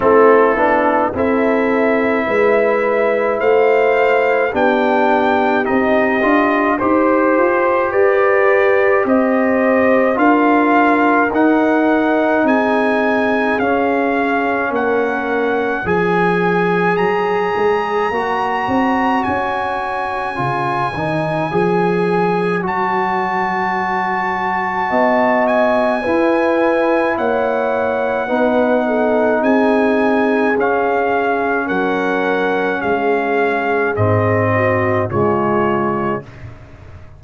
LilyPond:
<<
  \new Staff \with { instrumentName = "trumpet" } { \time 4/4 \tempo 4 = 53 a'4 e''2 f''4 | g''4 dis''4 c''4 d''4 | dis''4 f''4 fis''4 gis''4 | f''4 fis''4 gis''4 ais''4~ |
ais''4 gis''2. | a''2~ a''8 gis''4. | fis''2 gis''4 f''4 | fis''4 f''4 dis''4 cis''4 | }
  \new Staff \with { instrumentName = "horn" } { \time 4/4 e'4 a'4 b'4 c''4 | g'2 c''4 b'4 | c''4 ais'2 gis'4~ | gis'4 ais'4 cis''2~ |
cis''1~ | cis''2 dis''4 b'4 | cis''4 b'8 a'8 gis'2 | ais'4 gis'4. fis'8 f'4 | }
  \new Staff \with { instrumentName = "trombone" } { \time 4/4 c'8 d'8 e'2. | d'4 dis'8 f'8 g'2~ | g'4 f'4 dis'2 | cis'2 gis'2 |
fis'2 f'8 dis'8 gis'4 | fis'2. e'4~ | e'4 dis'2 cis'4~ | cis'2 c'4 gis4 | }
  \new Staff \with { instrumentName = "tuba" } { \time 4/4 a8 b8 c'4 gis4 a4 | b4 c'8 d'8 dis'8 f'8 g'4 | c'4 d'4 dis'4 c'4 | cis'4 ais4 f4 fis8 gis8 |
ais8 c'8 cis'4 cis8 dis8 f4 | fis2 b4 e'4 | ais4 b4 c'4 cis'4 | fis4 gis4 gis,4 cis4 | }
>>